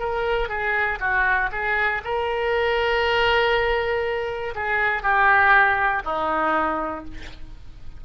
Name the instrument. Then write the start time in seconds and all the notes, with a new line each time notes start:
oboe
0.00 A#4
0.49 G#4
1.00 F#4
1.52 G#4
2.05 A#4
4.55 G#4
5.03 G4
6.05 D#4